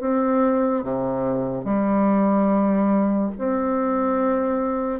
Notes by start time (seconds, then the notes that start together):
0.00 C4
0.83 C3
1.64 G3
3.38 C4